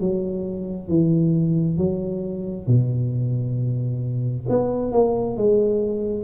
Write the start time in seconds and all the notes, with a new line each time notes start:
0.00 F#3
0.88 E3
1.78 F#3
2.67 B2
4.49 B3
4.92 A#3
5.37 G#3